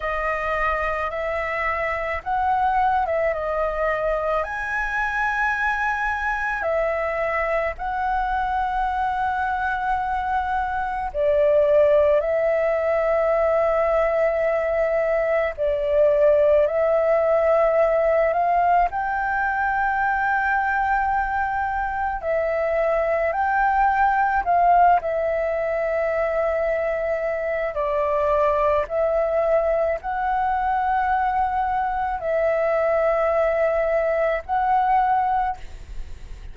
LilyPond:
\new Staff \with { instrumentName = "flute" } { \time 4/4 \tempo 4 = 54 dis''4 e''4 fis''8. e''16 dis''4 | gis''2 e''4 fis''4~ | fis''2 d''4 e''4~ | e''2 d''4 e''4~ |
e''8 f''8 g''2. | e''4 g''4 f''8 e''4.~ | e''4 d''4 e''4 fis''4~ | fis''4 e''2 fis''4 | }